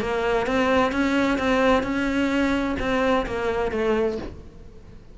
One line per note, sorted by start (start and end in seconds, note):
0.00 0.46 A#3
0.46 0.92 C4
0.92 1.38 C#4
1.38 1.83 C4
1.83 2.76 C#4
2.79 3.25 C4
3.26 3.71 A#3
3.71 4.18 A3